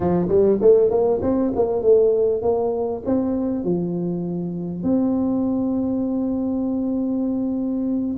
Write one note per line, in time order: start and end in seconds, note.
0.00 0.28 F3
0.28 0.58 G3
0.61 0.90 A3
0.90 1.20 A#3
1.21 1.52 C4
1.55 1.82 A#3
1.82 2.42 A3
2.42 3.02 A#3
3.05 3.64 C4
3.64 4.83 F3
4.83 8.16 C4